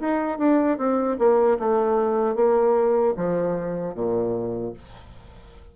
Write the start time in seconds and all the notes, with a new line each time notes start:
0.00 D#4
0.38 D4
0.78 C4
1.18 A#3
1.59 A3
2.35 A#3
3.16 F3
3.94 A#2